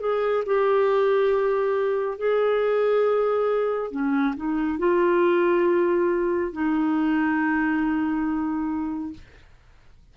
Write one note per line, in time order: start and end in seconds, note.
0.00 0.43 G#4
0.45 2.17 G4
2.17 3.91 G#4
3.91 4.34 C#4
4.36 4.79 D#4
4.79 6.53 F4
6.53 9.13 D#4